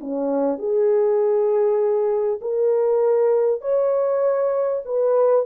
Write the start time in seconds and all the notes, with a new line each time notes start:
0.00 C#4
0.58 G#4
2.41 A#4
3.61 C#5
4.85 B4